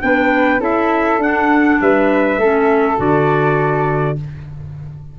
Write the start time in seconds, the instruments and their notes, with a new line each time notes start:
0.00 tuba B3, clarinet D4, flute B4, trumpet G5
0.59 tuba C#4, clarinet E4, flute A4, trumpet E5
1.18 tuba D4, clarinet D4, trumpet F#5
1.80 tuba G3, flute B4, trumpet E5
2.37 tuba A3, clarinet C#4, flute A4
2.96 tuba D3, clarinet F#4, trumpet D5